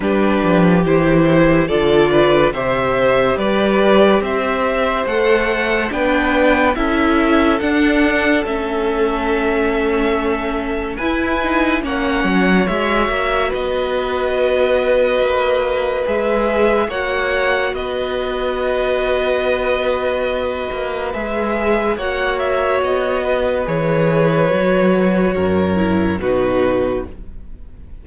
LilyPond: <<
  \new Staff \with { instrumentName = "violin" } { \time 4/4 \tempo 4 = 71 b'4 c''4 d''4 e''4 | d''4 e''4 fis''4 g''4 | e''4 fis''4 e''2~ | e''4 gis''4 fis''4 e''4 |
dis''2. e''4 | fis''4 dis''2.~ | dis''4 e''4 fis''8 e''8 dis''4 | cis''2. b'4 | }
  \new Staff \with { instrumentName = "violin" } { \time 4/4 g'2 a'8 b'8 c''4 | b'4 c''2 b'4 | a'1~ | a'4 b'4 cis''2 |
b'1 | cis''4 b'2.~ | b'2 cis''4. b'8~ | b'2 ais'4 fis'4 | }
  \new Staff \with { instrumentName = "viola" } { \time 4/4 d'4 e'4 f'4 g'4~ | g'2 a'4 d'4 | e'4 d'4 cis'2~ | cis'4 e'8 dis'8 cis'4 fis'4~ |
fis'2. gis'4 | fis'1~ | fis'4 gis'4 fis'2 | gis'4 fis'4. e'8 dis'4 | }
  \new Staff \with { instrumentName = "cello" } { \time 4/4 g8 f8 e4 d4 c4 | g4 c'4 a4 b4 | cis'4 d'4 a2~ | a4 e'4 ais8 fis8 gis8 ais8 |
b2 ais4 gis4 | ais4 b2.~ | b8 ais8 gis4 ais4 b4 | e4 fis4 fis,4 b,4 | }
>>